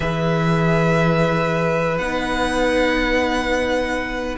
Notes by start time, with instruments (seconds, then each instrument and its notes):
0.00 cello E3, viola G#4, violin B4 E5
1.98 cello B3, viola D#4, violin F#5